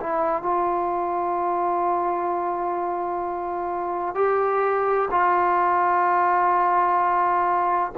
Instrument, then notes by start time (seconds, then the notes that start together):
trombone
0.00 E4
0.42 F4
4.15 G4
5.11 F4